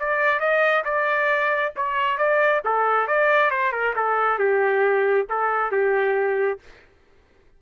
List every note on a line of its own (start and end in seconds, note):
0.00 0.40 D5
0.40 0.84 D#5
0.85 1.73 D5
1.76 2.18 C#5
2.18 2.62 D5
2.65 3.08 A4
3.08 3.51 D5
3.51 3.73 C5
3.73 3.95 A#4
3.96 4.39 A4
4.39 5.27 G4
5.30 5.72 A4
5.72 6.60 G4